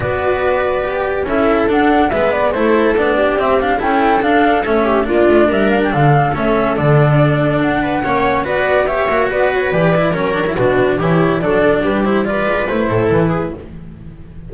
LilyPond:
<<
  \new Staff \with { instrumentName = "flute" } { \time 4/4 \tempo 4 = 142 d''2. e''4 | fis''4 e''8 d''8 c''4 d''4 | e''8 f''8 g''4 f''4 e''4 | d''4 e''8 f''16 g''16 f''4 e''4 |
d''2 fis''2 | d''4 e''4 d''8 cis''8 d''4 | cis''4 b'4 cis''4 d''4 | b'8 c''8 d''4 c''4 b'4 | }
  \new Staff \with { instrumentName = "viola" } { \time 4/4 b'2. a'4~ | a'4 b'4 a'4. g'8~ | g'4 a'2~ a'8 g'8 | f'4 ais'4 a'2~ |
a'2~ a'8 b'8 cis''4 | b'4 cis''4 b'2 | ais'4 fis'4 g'4 a'4 | g'4 b'4. a'4 gis'8 | }
  \new Staff \with { instrumentName = "cello" } { \time 4/4 fis'2 g'4 e'4 | d'4 b4 e'4 d'4 | c'8 d'8 e'4 d'4 cis'4 | d'2. cis'4 |
d'2. cis'4 | fis'4 g'8 fis'4. g'8 e'8 | cis'8 d'16 e'16 d'4 e'4 d'4~ | d'8 e'8 f'4 e'2 | }
  \new Staff \with { instrumentName = "double bass" } { \time 4/4 b2. cis'4 | d'4 gis4 a4 b4 | c'4 cis'4 d'4 a4 | ais8 a8 g4 d4 a4 |
d2 d'4 ais4 | b4. ais8 b4 e4 | fis4 b,4 e4 fis4 | g4. gis8 a8 a,8 e4 | }
>>